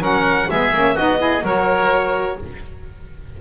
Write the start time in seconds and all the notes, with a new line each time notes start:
0.00 F#3 C#4 A#4 F#5
0.50 G#3 B3 G#4 E5
0.73 A#3 C#4
0.95 B3 D#4 F#4 D#5
1.18 E4 G#4
1.43 F#3 F#4 A#4 C#5